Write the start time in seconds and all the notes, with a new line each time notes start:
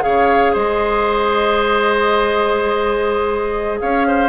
0.00 C#3 G#4 C#5 F5
0.53 G#3 C5 D#5
3.80 C#4 C#5 F5
4.07 C5